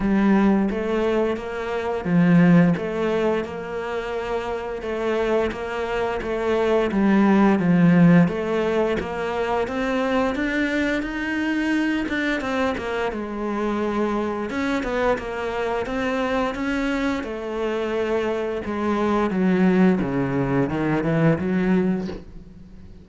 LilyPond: \new Staff \with { instrumentName = "cello" } { \time 4/4 \tempo 4 = 87 g4 a4 ais4 f4 | a4 ais2 a4 | ais4 a4 g4 f4 | a4 ais4 c'4 d'4 |
dis'4. d'8 c'8 ais8 gis4~ | gis4 cis'8 b8 ais4 c'4 | cis'4 a2 gis4 | fis4 cis4 dis8 e8 fis4 | }